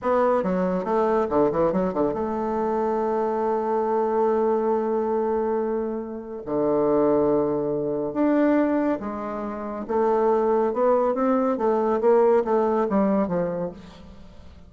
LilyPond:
\new Staff \with { instrumentName = "bassoon" } { \time 4/4 \tempo 4 = 140 b4 fis4 a4 d8 e8 | fis8 d8 a2.~ | a1~ | a2. d4~ |
d2. d'4~ | d'4 gis2 a4~ | a4 b4 c'4 a4 | ais4 a4 g4 f4 | }